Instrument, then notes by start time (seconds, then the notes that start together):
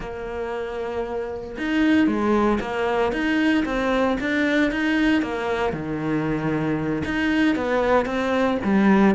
cello
0.00 A#3
1.57 D#4
2.07 G#3
2.60 A#3
3.12 D#4
3.65 C4
4.20 D4
4.71 D#4
5.22 A#3
5.72 D#3
7.04 D#4
7.55 B3
8.05 C4
8.64 G3